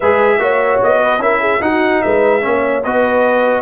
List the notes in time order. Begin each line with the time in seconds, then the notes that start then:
0.00 G#3 G#4 B4 E5
0.39 A#3 F#4 C#5
0.83 B3 D#5
1.02 B4
1.18 C#4 E4 A#4 E5
1.40 G#4
1.61 D#4 F#4 F#5
2.02 G#3 B4 E5
2.41 A#3 C#4 C#5
2.83 B3 F#4 B4 D#5